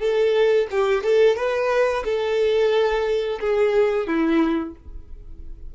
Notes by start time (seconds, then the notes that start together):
0.00 A4
0.71 G4
1.04 A4
1.37 B4
2.05 A4
3.41 G#4
4.08 E4